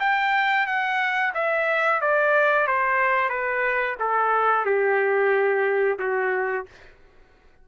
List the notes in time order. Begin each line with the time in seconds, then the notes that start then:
0.00 G5
0.67 F#5
1.35 E5
2.01 D5
2.67 C5
3.29 B4
3.99 A4
4.65 G4
5.99 F#4